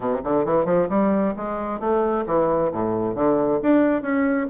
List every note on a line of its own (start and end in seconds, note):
0.00 0.21 C3
0.24 0.45 D3
0.45 0.65 E3
0.65 0.88 F3
0.89 1.34 G3
1.36 1.79 G#3
1.79 2.25 A3
2.26 2.71 E3
2.72 3.14 A2
3.14 3.59 D3
3.62 4.02 D4
4.02 4.47 C#4